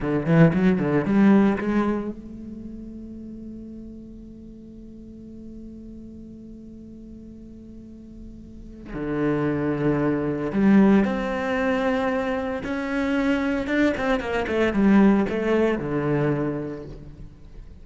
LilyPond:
\new Staff \with { instrumentName = "cello" } { \time 4/4 \tempo 4 = 114 d8 e8 fis8 d8 g4 gis4 | a1~ | a1~ | a1~ |
a4 d2. | g4 c'2. | cis'2 d'8 c'8 ais8 a8 | g4 a4 d2 | }